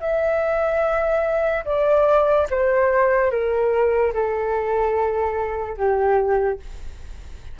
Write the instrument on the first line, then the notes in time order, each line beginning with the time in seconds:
flute
0.00 E5
1.65 D5
2.50 C5
3.31 A#4
4.13 A4
5.77 G4